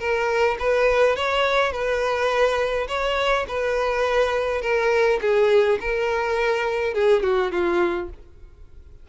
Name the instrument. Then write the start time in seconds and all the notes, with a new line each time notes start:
violin
0.00 A#4
0.60 B4
1.16 C#5
1.73 B4
2.88 C#5
3.49 B4
4.62 A#4
5.22 G#4
5.81 A#4
6.94 G#4
7.23 F#4
7.52 F4